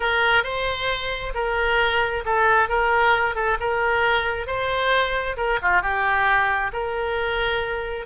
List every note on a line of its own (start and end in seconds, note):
0.00 0.43 A#4
0.43 1.33 C5
1.34 2.24 A#4
2.25 2.68 A4
2.68 3.35 A#4
3.35 3.57 A4
3.60 4.46 A#4
4.46 5.36 C5
5.36 5.59 A#4
5.62 5.81 F4
5.81 6.71 G4
6.72 8.06 A#4